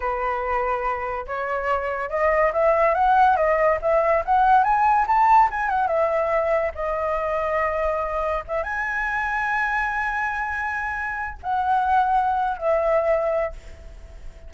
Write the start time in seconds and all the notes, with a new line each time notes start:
0.00 B4
1.26 C#5
2.09 D#5
2.52 E5
2.94 F#5
3.36 D#5
3.81 E5
4.25 F#5
4.63 G#5
5.07 A5
5.50 G#5
5.69 F#5
5.87 E5
6.75 D#5
8.47 E5
8.63 G#5
11.42 F#5
12.57 E5